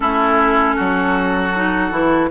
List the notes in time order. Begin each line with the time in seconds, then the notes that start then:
0.00 A3 C#4 E4 A4
0.75 F#3 F#4
1.54 D#4
1.91 E3 E4